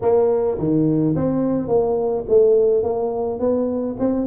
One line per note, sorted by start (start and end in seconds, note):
0.01 0.58 A#3
0.58 1.15 D#3
1.15 1.67 C4
1.67 2.24 A#3
2.28 2.83 A3
2.83 3.39 A#3
3.39 3.96 B3
3.99 4.26 C4